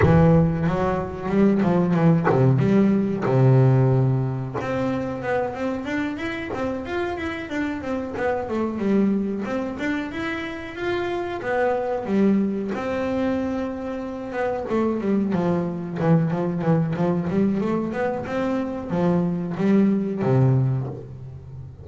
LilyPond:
\new Staff \with { instrumentName = "double bass" } { \time 4/4 \tempo 4 = 92 e4 fis4 g8 f8 e8 c8 | g4 c2 c'4 | b8 c'8 d'8 e'8 c'8 f'8 e'8 d'8 | c'8 b8 a8 g4 c'8 d'8 e'8~ |
e'8 f'4 b4 g4 c'8~ | c'2 b8 a8 g8 f8~ | f8 e8 f8 e8 f8 g8 a8 b8 | c'4 f4 g4 c4 | }